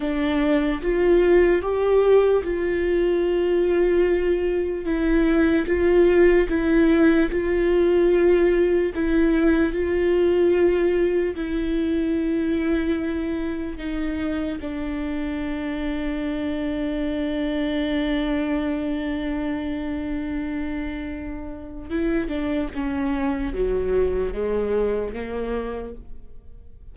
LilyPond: \new Staff \with { instrumentName = "viola" } { \time 4/4 \tempo 4 = 74 d'4 f'4 g'4 f'4~ | f'2 e'4 f'4 | e'4 f'2 e'4 | f'2 e'2~ |
e'4 dis'4 d'2~ | d'1~ | d'2. e'8 d'8 | cis'4 fis4 gis4 ais4 | }